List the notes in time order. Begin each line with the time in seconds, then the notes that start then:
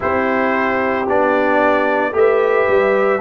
0.00 C4 E4 G4 C5
1.08 B3 D4 D5
2.12 A3 G4 B4 E5
2.68 G3